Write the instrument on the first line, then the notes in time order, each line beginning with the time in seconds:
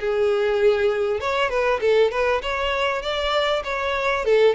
violin
0.00 G#4
1.20 C#5
1.50 B4
1.81 A4
2.11 B4
2.42 C#5
3.02 D5
3.64 C#5
4.25 A4